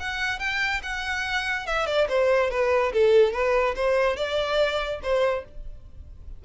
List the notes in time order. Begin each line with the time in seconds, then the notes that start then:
0.00 F#5
0.40 G5
0.83 F#5
1.66 E5
1.87 D5
2.09 C5
2.51 B4
2.93 A4
3.33 B4
3.76 C5
4.17 D5
5.03 C5